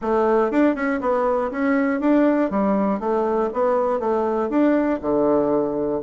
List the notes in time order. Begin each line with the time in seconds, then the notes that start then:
0.01 A3
0.51 D4
0.75 C#4
1.00 B3
1.51 C#4
2.00 D4
2.50 G3
2.99 A3
3.53 B3
3.99 A3
4.49 D4
5.01 D3